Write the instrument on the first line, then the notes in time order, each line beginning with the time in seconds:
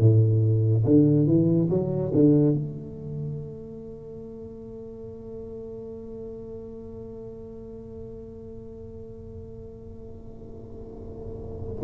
tuba
0.00 A2
0.85 D3
1.27 E3
1.70 F#3
2.14 D3
2.54 A3